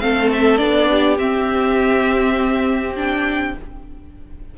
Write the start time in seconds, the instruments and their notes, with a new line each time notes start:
0.00 cello A3, viola C4, violin A4 F5
0.32 violin E5
0.58 cello B3, viola D4, violin D5
0.89 violin G4
1.19 viola C4, cello C4, violin E5
2.96 viola D4, violin G5